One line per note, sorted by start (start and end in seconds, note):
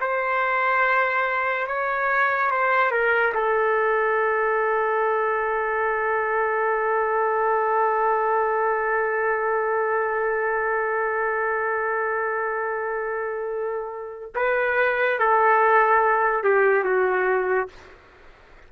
0.00 1.67 C5
1.67 2.50 C#5
2.50 2.91 C5
2.91 3.33 A#4
3.34 14.33 A4
14.35 15.19 B4
15.19 16.44 A4
16.44 16.84 G4
16.84 17.68 F#4